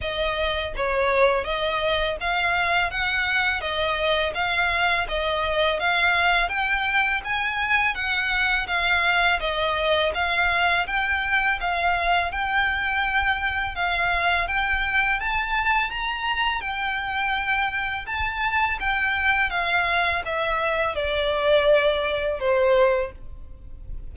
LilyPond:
\new Staff \with { instrumentName = "violin" } { \time 4/4 \tempo 4 = 83 dis''4 cis''4 dis''4 f''4 | fis''4 dis''4 f''4 dis''4 | f''4 g''4 gis''4 fis''4 | f''4 dis''4 f''4 g''4 |
f''4 g''2 f''4 | g''4 a''4 ais''4 g''4~ | g''4 a''4 g''4 f''4 | e''4 d''2 c''4 | }